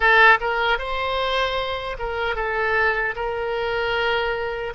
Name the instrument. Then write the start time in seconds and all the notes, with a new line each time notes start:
oboe
0.00 A4
0.40 A#4
0.78 C5
1.98 A#4
2.35 A4
3.15 A#4